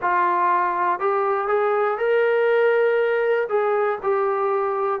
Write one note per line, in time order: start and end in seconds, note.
0.01 0.99 F4
0.99 1.48 G4
1.48 1.97 G#4
1.97 3.47 A#4
3.49 3.99 G#4
4.02 5.00 G4